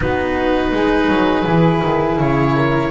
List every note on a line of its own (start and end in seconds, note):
0.00 0.72 B3
0.00 1.45 D#4
0.00 0.75 F#4
0.00 2.20 B4
0.72 1.08 G#3
0.72 2.55 G#4
1.08 1.45 F#3
1.46 1.82 E3
1.46 2.90 E4
1.83 2.19 D#3
2.19 2.90 C#3
2.19 2.90 C#5
2.55 2.90 A#4